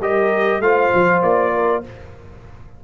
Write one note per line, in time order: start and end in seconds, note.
0.00 0.60 G3
0.00 0.62 G4
0.00 0.62 A#4
0.00 0.61 D#5
0.60 0.90 A3
0.60 1.83 F4
0.60 1.54 C5
0.60 1.22 F5
0.94 1.22 F3
1.22 1.83 A#3
1.22 1.83 D5
1.54 1.84 A#4